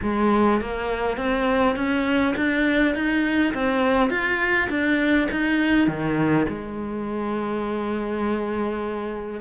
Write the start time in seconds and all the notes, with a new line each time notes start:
0.02 G#3
0.60 A#3
1.17 C4
1.76 C#4
2.36 D4
2.94 D#4
3.53 C4
4.09 F4
4.69 D4
5.31 D#4
5.87 D#3
6.48 G#3